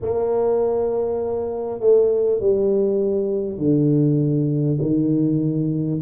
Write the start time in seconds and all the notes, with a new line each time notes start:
0.01 A#3
1.80 A3
2.39 G3
3.57 D3
4.81 D#3